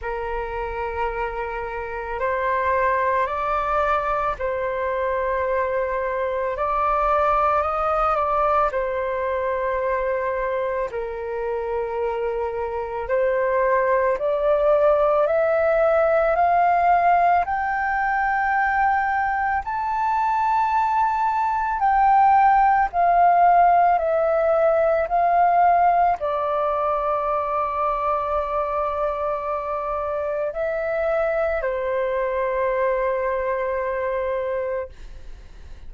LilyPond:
\new Staff \with { instrumentName = "flute" } { \time 4/4 \tempo 4 = 55 ais'2 c''4 d''4 | c''2 d''4 dis''8 d''8 | c''2 ais'2 | c''4 d''4 e''4 f''4 |
g''2 a''2 | g''4 f''4 e''4 f''4 | d''1 | e''4 c''2. | }